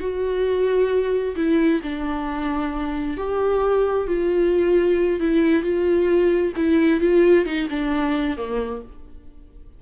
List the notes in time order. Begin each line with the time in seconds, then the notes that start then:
0.00 F#4
1.36 E4
1.83 D4
3.17 G4
4.07 F4
5.20 E4
5.63 F4
6.56 E4
7.01 F4
7.46 D#4
7.70 D4
8.37 A#3